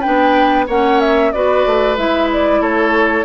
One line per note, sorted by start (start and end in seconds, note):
0.00 0.68 B3
0.00 0.68 D4
0.00 0.65 B4
0.00 0.66 G5
0.67 1.32 A#3
0.67 1.34 C#4
0.67 1.31 C#5
0.67 1.00 F#5
1.00 1.32 E5
1.32 1.66 B3
1.32 1.97 F#4
1.32 2.61 B4
1.32 1.97 D5
1.66 1.97 A3
1.97 2.60 G#3
1.97 3.25 E4
1.97 2.29 E5
2.32 2.62 D5
2.60 3.25 A3
2.60 3.25 A4
2.60 3.25 C#5